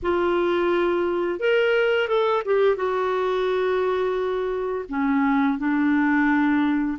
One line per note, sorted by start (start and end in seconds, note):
0.02 1.39 F4
1.39 2.07 A#4
2.07 2.42 A4
2.45 2.76 G4
2.76 4.85 F#4
4.88 5.58 C#4
5.58 6.98 D4